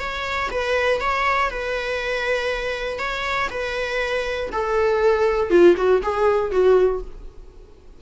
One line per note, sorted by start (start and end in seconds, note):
0.00 0.50 C#5
0.51 1.01 B4
1.01 1.51 C#5
1.51 2.99 B4
2.99 3.49 C#5
3.50 4.50 B4
4.52 5.51 A4
5.51 5.76 F4
5.77 6.02 F#4
6.03 6.51 G#4
6.51 7.01 F#4